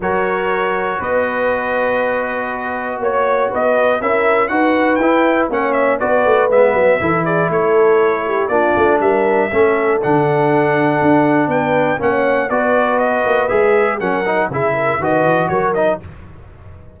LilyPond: <<
  \new Staff \with { instrumentName = "trumpet" } { \time 4/4 \tempo 4 = 120 cis''2 dis''2~ | dis''2 cis''4 dis''4 | e''4 fis''4 g''4 fis''8 e''8 | d''4 e''4. d''8 cis''4~ |
cis''4 d''4 e''2 | fis''2. g''4 | fis''4 d''4 dis''4 e''4 | fis''4 e''4 dis''4 cis''8 dis''8 | }
  \new Staff \with { instrumentName = "horn" } { \time 4/4 ais'2 b'2~ | b'2 cis''4 b'4 | ais'4 b'2 cis''4 | b'2 a'8 gis'8 a'4~ |
a'8 g'8 f'4 ais'4 a'4~ | a'2. b'4 | cis''4 b'2. | ais'4 gis'8 ais'8 b'4 ais'4 | }
  \new Staff \with { instrumentName = "trombone" } { \time 4/4 fis'1~ | fis'1 | e'4 fis'4 e'4 cis'4 | fis'4 b4 e'2~ |
e'4 d'2 cis'4 | d'1 | cis'4 fis'2 gis'4 | cis'8 dis'8 e'4 fis'4. dis'8 | }
  \new Staff \with { instrumentName = "tuba" } { \time 4/4 fis2 b2~ | b2 ais4 b4 | cis'4 dis'4 e'4 ais4 | b8 a8 gis8 fis8 e4 a4~ |
a4 ais8 a8 g4 a4 | d2 d'4 b4 | ais4 b4. ais8 gis4 | fis4 cis4 dis8 e8 fis4 | }
>>